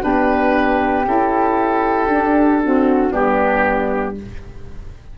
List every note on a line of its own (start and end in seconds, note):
0.00 1.06 B3
0.00 1.03 D4
0.00 2.62 G4
0.00 1.06 B4
1.04 2.06 C#4
1.04 2.08 E4
1.04 3.12 A4
2.06 3.10 D4
2.06 2.62 D4
2.63 3.10 C4
2.63 3.12 F#4
3.10 4.18 G3
3.10 4.13 B3
3.10 4.15 D4
3.10 4.16 G4